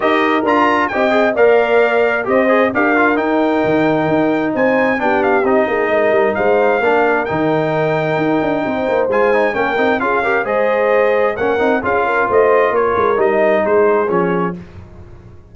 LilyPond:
<<
  \new Staff \with { instrumentName = "trumpet" } { \time 4/4 \tempo 4 = 132 dis''4 ais''4 g''4 f''4~ | f''4 dis''4 f''4 g''4~ | g''2 gis''4 g''8 f''8 | dis''2 f''2 |
g''1 | gis''4 g''4 f''4 dis''4~ | dis''4 fis''4 f''4 dis''4 | cis''4 dis''4 c''4 cis''4 | }
  \new Staff \with { instrumentName = "horn" } { \time 4/4 ais'2 dis''4 d''4~ | d''4 c''4 ais'2~ | ais'2 c''4 g'4~ | g'8 gis'8 ais'4 c''4 ais'4~ |
ais'2. c''4~ | c''4 ais'4 gis'8 ais'8 c''4~ | c''4 ais'4 gis'8 ais'8 c''4 | ais'2 gis'2 | }
  \new Staff \with { instrumentName = "trombone" } { \time 4/4 g'4 f'4 g'8 gis'8 ais'4~ | ais'4 g'8 gis'8 g'8 f'8 dis'4~ | dis'2. d'4 | dis'2. d'4 |
dis'1 | f'8 dis'8 cis'8 dis'8 f'8 g'8 gis'4~ | gis'4 cis'8 dis'8 f'2~ | f'4 dis'2 cis'4 | }
  \new Staff \with { instrumentName = "tuba" } { \time 4/4 dis'4 d'4 c'4 ais4~ | ais4 c'4 d'4 dis'4 | dis4 dis'4 c'4 b4 | c'8 ais8 gis8 g8 gis4 ais4 |
dis2 dis'8 d'8 c'8 ais8 | gis4 ais8 c'8 cis'4 gis4~ | gis4 ais8 c'8 cis'4 a4 | ais8 gis8 g4 gis4 f4 | }
>>